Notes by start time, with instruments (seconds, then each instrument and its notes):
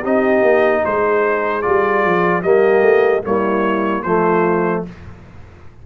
0.00 tuba C4, trombone D#4, horn G4, trumpet D#5
0.42 tuba A#3
0.85 tuba G#3, horn G#4, trumpet C5
1.62 tuba G3, trombone F4, trumpet D5
2.05 tuba F3
2.43 tuba G3, trombone A#3, horn G4, trumpet D#5
2.82 tuba A3
3.23 trombone G3, tuba A#3, horn E4, trumpet C#5
4.03 tuba F3, trombone A3, horn F4, trumpet C5